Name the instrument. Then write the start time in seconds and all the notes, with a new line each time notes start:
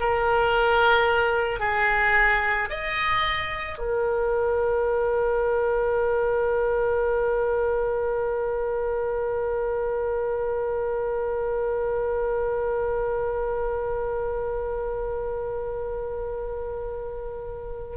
oboe
0.00 A#4
1.60 G#4
2.70 D#5
3.78 A#4